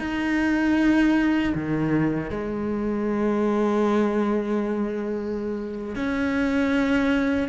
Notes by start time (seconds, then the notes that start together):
0.00 D#4
1.55 D#3
2.30 G#3
5.96 C#4